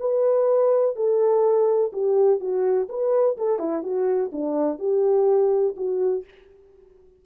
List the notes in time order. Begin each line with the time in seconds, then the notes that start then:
0.00 B4
0.96 A4
1.93 G4
2.40 F#4
2.89 B4
3.37 A4
3.59 E4
3.83 F#4
4.32 D4
4.79 G4
5.77 F#4